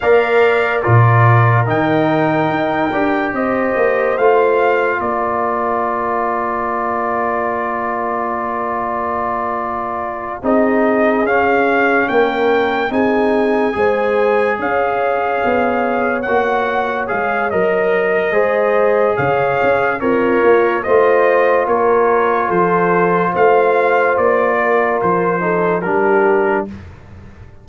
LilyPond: <<
  \new Staff \with { instrumentName = "trumpet" } { \time 4/4 \tempo 4 = 72 f''4 d''4 g''2 | dis''4 f''4 d''2~ | d''1~ | d''8 dis''4 f''4 g''4 gis''8~ |
gis''4. f''2 fis''8~ | fis''8 f''8 dis''2 f''4 | cis''4 dis''4 cis''4 c''4 | f''4 d''4 c''4 ais'4 | }
  \new Staff \with { instrumentName = "horn" } { \time 4/4 d''4 ais'2. | c''2 ais'2~ | ais'1~ | ais'8 gis'2 ais'4 gis'8~ |
gis'8 c''4 cis''2~ cis''8~ | cis''2 c''4 cis''4 | f'4 c''4 ais'4 a'4 | c''4. ais'4 a'8 g'4 | }
  \new Staff \with { instrumentName = "trombone" } { \time 4/4 ais'4 f'4 dis'4. g'8~ | g'4 f'2.~ | f'1~ | f'8 dis'4 cis'2 dis'8~ |
dis'8 gis'2. fis'8~ | fis'8 gis'8 ais'4 gis'2 | ais'4 f'2.~ | f'2~ f'8 dis'8 d'4 | }
  \new Staff \with { instrumentName = "tuba" } { \time 4/4 ais4 ais,4 dis4 dis'8 d'8 | c'8 ais8 a4 ais2~ | ais1~ | ais8 c'4 cis'4 ais4 c'8~ |
c'8 gis4 cis'4 b4 ais8~ | ais8 gis8 fis4 gis4 cis8 cis'8 | c'8 ais8 a4 ais4 f4 | a4 ais4 f4 g4 | }
>>